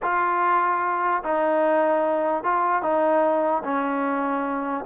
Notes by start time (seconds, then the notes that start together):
0.02 F4
1.23 D#4
2.43 F4
2.82 D#4
3.64 C#4